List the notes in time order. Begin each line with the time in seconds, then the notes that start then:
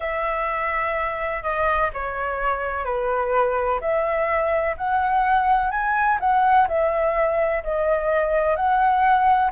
0.00 E5
1.42 D#5
1.93 C#5
2.84 B4
3.80 E5
4.77 F#5
5.70 G#5
6.20 F#5
6.68 E5
7.63 D#5
8.56 F#5